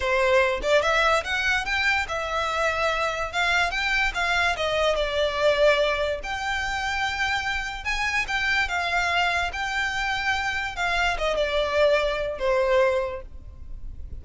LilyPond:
\new Staff \with { instrumentName = "violin" } { \time 4/4 \tempo 4 = 145 c''4. d''8 e''4 fis''4 | g''4 e''2. | f''4 g''4 f''4 dis''4 | d''2. g''4~ |
g''2. gis''4 | g''4 f''2 g''4~ | g''2 f''4 dis''8 d''8~ | d''2 c''2 | }